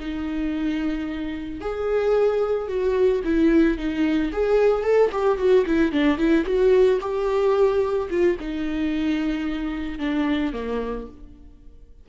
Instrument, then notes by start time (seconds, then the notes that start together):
viola
0.00 D#4
1.61 G#4
2.69 F#4
3.24 E4
3.78 D#4
4.33 G#4
4.83 A4
5.12 G4
5.38 F#4
5.66 E4
5.92 D4
6.18 E4
6.46 F#4
7.01 G4
8.10 F4
8.40 D#4
9.99 D4
10.53 A#3